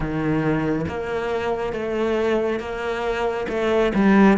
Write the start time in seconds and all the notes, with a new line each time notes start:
0.00 D#3
0.87 A#3
1.72 A3
2.59 A#3
3.48 A3
3.94 G3